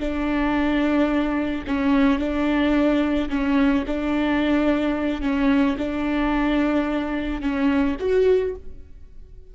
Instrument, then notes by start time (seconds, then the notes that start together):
viola
0.00 D4
1.67 C#4
2.19 D4
3.30 C#4
3.87 D4
5.22 C#4
5.78 D4
7.42 C#4
8.00 F#4